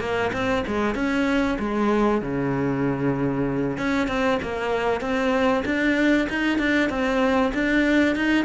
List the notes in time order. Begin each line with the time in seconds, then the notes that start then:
0.00 A#3
0.33 C4
0.66 G#3
0.95 C#4
1.59 G#3
2.21 C#3
3.78 C#4
4.07 C4
4.42 A#3
5.01 C4
5.65 D4
6.29 D#4
6.58 D4
6.89 C4
7.54 D4
8.16 D#4